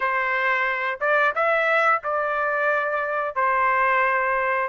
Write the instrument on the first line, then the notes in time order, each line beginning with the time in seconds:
trumpet
0.00 C5
1.00 D5
1.35 E5
2.03 D5
3.35 C5